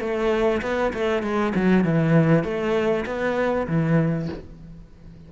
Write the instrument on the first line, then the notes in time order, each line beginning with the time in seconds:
cello
0.00 A3
0.62 B3
0.93 A3
1.22 G#3
1.55 F#3
1.84 E3
2.44 A3
3.06 B3
3.67 E3